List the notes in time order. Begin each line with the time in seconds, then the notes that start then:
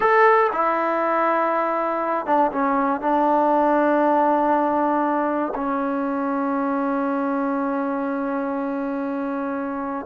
0.00 A4
0.52 E4
2.26 D4
2.52 C#4
3.00 D4
5.54 C#4